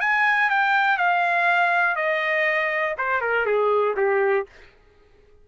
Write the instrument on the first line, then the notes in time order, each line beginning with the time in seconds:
trumpet
0.00 G#5
0.50 G5
0.97 F5
1.96 D#5
2.98 C5
3.21 A#4
3.46 G#4
3.96 G4